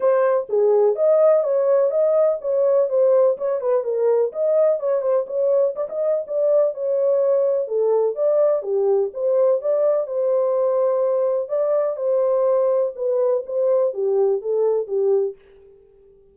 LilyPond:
\new Staff \with { instrumentName = "horn" } { \time 4/4 \tempo 4 = 125 c''4 gis'4 dis''4 cis''4 | dis''4 cis''4 c''4 cis''8 b'8 | ais'4 dis''4 cis''8 c''8 cis''4 | d''16 dis''8. d''4 cis''2 |
a'4 d''4 g'4 c''4 | d''4 c''2. | d''4 c''2 b'4 | c''4 g'4 a'4 g'4 | }